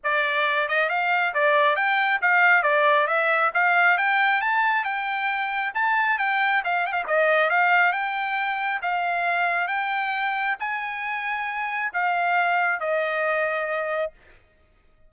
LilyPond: \new Staff \with { instrumentName = "trumpet" } { \time 4/4 \tempo 4 = 136 d''4. dis''8 f''4 d''4 | g''4 f''4 d''4 e''4 | f''4 g''4 a''4 g''4~ | g''4 a''4 g''4 f''8 g''16 f''16 |
dis''4 f''4 g''2 | f''2 g''2 | gis''2. f''4~ | f''4 dis''2. | }